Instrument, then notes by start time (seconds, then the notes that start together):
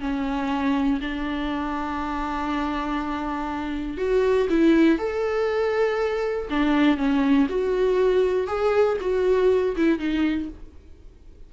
viola
0.00 C#4
1.00 D4
3.97 F#4
4.49 E4
4.98 A4
6.50 D4
6.97 C#4
7.49 F#4
8.47 G#4
9.00 F#4
9.76 E4
9.99 D#4